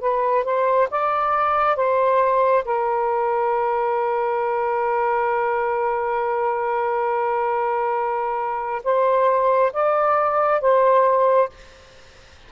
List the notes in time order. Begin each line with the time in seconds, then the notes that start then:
0.00 B4
0.44 C5
0.90 D5
1.76 C5
2.64 A#4
8.84 C5
9.73 D5
10.61 C5